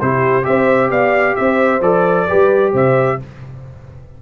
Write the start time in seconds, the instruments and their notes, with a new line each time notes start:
0.00 tuba C3, trombone E4, horn G4, trumpet C5
0.43 tuba C4, trombone G4, horn C5, trumpet E5
0.90 tuba B3, horn D5, trumpet F5
1.36 tuba C4, horn C5, trumpet E5
1.81 tuba F3, trombone A4, trumpet D5
2.28 tuba G3, trombone G4, horn B4
2.73 tuba C3, horn C5, trumpet E5